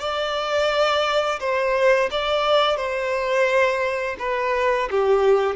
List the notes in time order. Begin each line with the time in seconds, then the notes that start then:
0.00 D5
1.40 C5
2.11 D5
2.77 C5
4.20 B4
4.91 G4